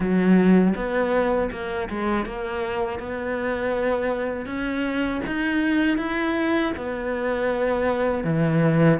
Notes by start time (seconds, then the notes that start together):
0.00 F#3
0.75 B3
1.51 A#3
1.89 G#3
2.25 A#3
2.99 B3
4.46 C#4
5.26 D#4
5.97 E4
6.77 B3
8.24 E3